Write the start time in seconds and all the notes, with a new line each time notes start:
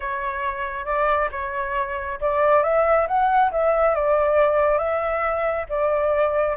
0.00 C#5
0.85 D5
1.31 C#5
2.20 D5
2.63 E5
3.07 F#5
3.51 E5
3.95 D5
4.78 E5
5.69 D5